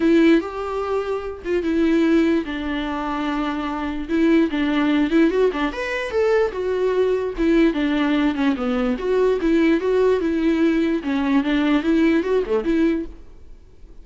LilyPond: \new Staff \with { instrumentName = "viola" } { \time 4/4 \tempo 4 = 147 e'4 g'2~ g'8 f'8 | e'2 d'2~ | d'2 e'4 d'4~ | d'8 e'8 fis'8 d'8 b'4 a'4 |
fis'2 e'4 d'4~ | d'8 cis'8 b4 fis'4 e'4 | fis'4 e'2 cis'4 | d'4 e'4 fis'8 a8 e'4 | }